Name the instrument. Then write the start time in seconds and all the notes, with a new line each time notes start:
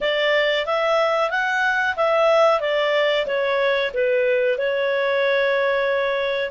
clarinet
0.01 D5
0.66 E5
1.30 F#5
1.96 E5
2.60 D5
3.26 C#5
3.93 B4
4.58 C#5